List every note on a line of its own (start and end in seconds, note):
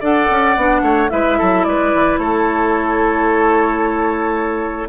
0.00 0.28 D4
0.00 0.56 A4
0.00 0.81 D5
0.00 1.10 F#5
0.30 0.56 C#4
0.56 0.82 B3
0.56 1.10 D4
0.82 1.09 A3
0.82 1.10 C#5
1.10 1.39 G#3
1.10 4.88 E4
1.10 1.38 B4
1.10 1.64 E5
1.38 1.66 F#3
1.38 1.65 A4
1.64 1.93 G#3
1.64 2.20 B4
1.64 2.18 D5
1.94 2.18 E3
2.18 4.88 A3
2.18 4.89 A4
2.18 4.88 C#5